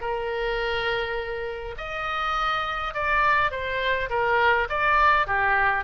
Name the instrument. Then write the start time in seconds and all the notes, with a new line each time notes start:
oboe
0.00 A#4
1.77 D#5
2.94 D5
3.51 C5
4.09 A#4
4.69 D5
5.26 G4